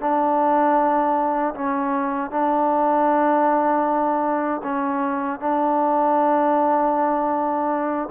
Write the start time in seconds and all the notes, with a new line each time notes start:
0.00 D4
1.55 C#4
2.30 D4
4.63 C#4
5.40 D4